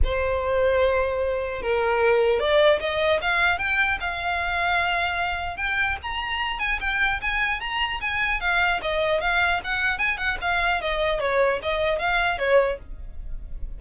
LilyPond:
\new Staff \with { instrumentName = "violin" } { \time 4/4 \tempo 4 = 150 c''1 | ais'2 d''4 dis''4 | f''4 g''4 f''2~ | f''2 g''4 ais''4~ |
ais''8 gis''8 g''4 gis''4 ais''4 | gis''4 f''4 dis''4 f''4 | fis''4 gis''8 fis''8 f''4 dis''4 | cis''4 dis''4 f''4 cis''4 | }